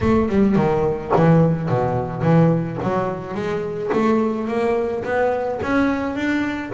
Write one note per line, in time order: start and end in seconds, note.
0.01 0.28 A3
0.28 0.56 G3
0.56 1.12 D#3
1.15 1.69 E3
1.69 2.21 B2
2.21 2.78 E3
2.82 3.34 F#3
3.34 3.90 G#3
3.93 4.47 A3
4.47 5.03 A#3
5.04 5.60 B3
5.62 6.15 C#4
6.15 6.71 D4